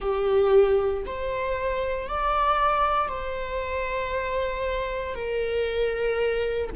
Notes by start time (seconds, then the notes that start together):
0.00 G4
1.05 C5
2.08 D5
3.08 C5
5.14 A#4